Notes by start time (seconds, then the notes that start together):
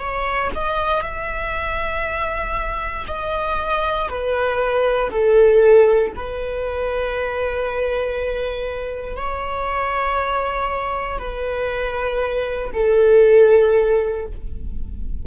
0.00 C#5
0.55 D#5
1.03 E5
3.08 D#5
4.09 B4
5.11 A4
6.16 B4
9.17 C#5
11.19 B4
12.74 A4